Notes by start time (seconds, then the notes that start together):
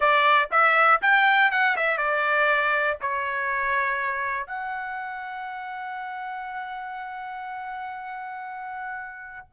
0.00 D5
0.51 E5
1.01 G5
1.51 F#5
1.76 E5
1.97 D5
3.01 C#5
4.46 F#5